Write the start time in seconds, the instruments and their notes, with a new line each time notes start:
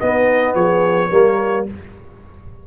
0.00 trombone B3, tuba B3, horn D#4, trumpet D#5
0.55 tuba F3, horn G#4, trumpet C#5
1.10 tuba G3, trombone A#3, horn A#4